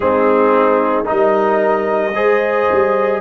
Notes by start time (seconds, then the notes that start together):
0.00 G#3 C4 D#4 G#4
1.04 D#4 A#4 D#5
1.10 G3
2.15 G#3 G#4 C5
2.72 G3